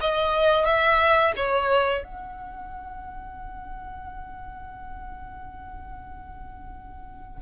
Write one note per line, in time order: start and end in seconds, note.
0.00 0.65 D#5
0.65 1.32 E5
1.36 2.03 C#5
2.03 7.41 F#5